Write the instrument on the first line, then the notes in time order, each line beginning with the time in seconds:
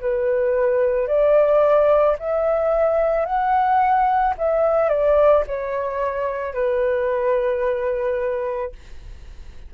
flute
0.00 B4
1.07 D5
2.19 E5
3.25 F#5
4.38 E5
4.89 D5
5.47 C#5
6.54 B4